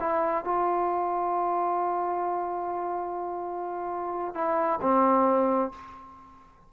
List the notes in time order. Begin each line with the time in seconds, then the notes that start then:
0.00 E4
0.45 F4
4.35 E4
4.82 C4